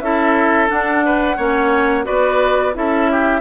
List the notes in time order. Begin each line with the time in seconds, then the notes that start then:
0.00 C#4 E4 A4 E5
0.68 D4 F#5
1.05 B4
1.37 A#3 C#4 C#5
2.04 B3 F#4 B4 D5
2.74 C#4 E4 A4 E5
3.11 G4